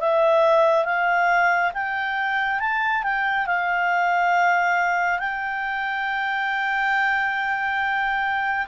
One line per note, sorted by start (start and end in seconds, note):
0.00 0.85 E5
0.85 1.72 F5
1.74 2.60 G5
2.60 3.03 A5
3.03 3.47 G5
3.47 5.19 F5
5.19 8.67 G5